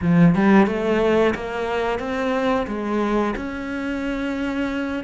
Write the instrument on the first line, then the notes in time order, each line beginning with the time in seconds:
cello
0.01 F3
0.35 G3
0.66 A3
1.35 A#3
1.99 C4
2.67 G#3
3.36 C#4